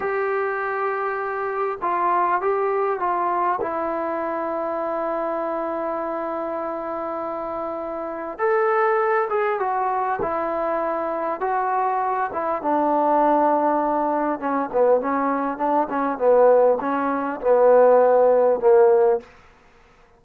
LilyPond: \new Staff \with { instrumentName = "trombone" } { \time 4/4 \tempo 4 = 100 g'2. f'4 | g'4 f'4 e'2~ | e'1~ | e'2 a'4. gis'8 |
fis'4 e'2 fis'4~ | fis'8 e'8 d'2. | cis'8 b8 cis'4 d'8 cis'8 b4 | cis'4 b2 ais4 | }